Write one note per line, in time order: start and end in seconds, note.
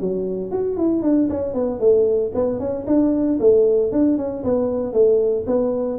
0.00 0.51 F#3
0.51 0.77 F#4
0.77 1.02 E4
1.02 1.28 D4
1.29 1.53 C#4
1.53 1.80 B3
1.80 2.32 A3
2.35 2.59 B3
2.59 2.85 C#4
2.86 3.38 D4
3.39 3.92 A3
3.92 4.17 D4
4.17 4.43 C#4
4.44 4.93 B3
4.93 5.45 A3
5.46 5.98 B3